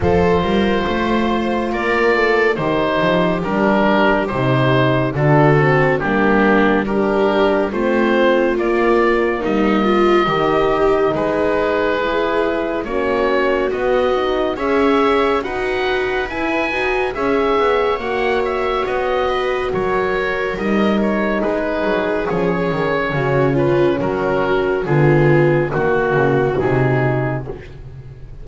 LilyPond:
<<
  \new Staff \with { instrumentName = "oboe" } { \time 4/4 \tempo 4 = 70 c''2 d''4 c''4 | ais'4 c''4 a'4 g'4 | ais'4 c''4 d''4 dis''4~ | dis''4 b'2 cis''4 |
dis''4 e''4 fis''4 gis''4 | e''4 fis''8 e''8 dis''4 cis''4 | dis''8 cis''8 b'4 cis''4. b'8 | ais'4 gis'4 fis'4 gis'4 | }
  \new Staff \with { instrumentName = "viola" } { \time 4/4 a'8 ais'8 c''4 ais'8 a'8 g'4~ | g'2 fis'4 d'4 | g'4 f'2 dis'8 f'8 | g'4 gis'2 fis'4~ |
fis'4 cis''4 b'2 | cis''2~ cis''8 b'8 ais'4~ | ais'4 gis'2 fis'8 f'8 | fis'4 f'4 fis'2 | }
  \new Staff \with { instrumentName = "horn" } { \time 4/4 f'2. dis'4 | d'4 dis'4 d'8 c'8 ais4 | d'4 c'4 ais2 | dis'2 e'4 cis'4 |
b8 dis'8 gis'4 fis'4 e'8 fis'8 | gis'4 fis'2. | dis'2 cis'2~ | cis'4 b4 ais4 dis'4 | }
  \new Staff \with { instrumentName = "double bass" } { \time 4/4 f8 g8 a4 ais4 dis8 f8 | g4 c4 d4 g4~ | g4 a4 ais4 g4 | dis4 gis2 ais4 |
b4 cis'4 dis'4 e'8 dis'8 | cis'8 b8 ais4 b4 fis4 | g4 gis8 fis8 f8 dis8 cis4 | fis4 d4 dis8 cis8 c4 | }
>>